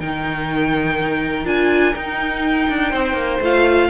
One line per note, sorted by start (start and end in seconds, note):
0.00 1.46 D#3
0.00 1.45 D#4
0.00 2.91 A#4
0.00 1.47 G5
1.45 1.94 D4
1.45 1.94 F4
1.45 1.95 G#5
1.95 3.42 D#4
1.95 2.69 D#4
1.95 3.41 G5
2.69 2.94 D4
2.91 3.14 C4
2.91 3.89 C5
3.14 3.38 A#3
3.41 3.90 A3
3.41 3.90 F4
3.41 3.90 F5